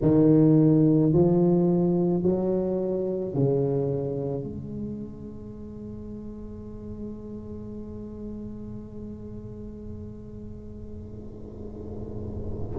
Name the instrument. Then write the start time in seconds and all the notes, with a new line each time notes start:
tuba
0.01 D#3
1.13 F3
2.22 F#3
3.33 C#3
4.43 G#3